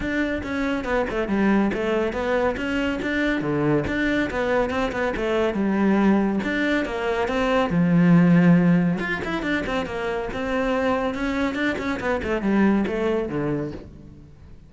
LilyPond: \new Staff \with { instrumentName = "cello" } { \time 4/4 \tempo 4 = 140 d'4 cis'4 b8 a8 g4 | a4 b4 cis'4 d'4 | d4 d'4 b4 c'8 b8 | a4 g2 d'4 |
ais4 c'4 f2~ | f4 f'8 e'8 d'8 c'8 ais4 | c'2 cis'4 d'8 cis'8 | b8 a8 g4 a4 d4 | }